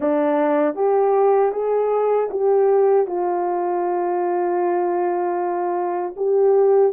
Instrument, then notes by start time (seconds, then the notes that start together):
horn
0.00 D4
0.75 G4
1.52 G#4
2.30 G4
3.06 F4
6.16 G4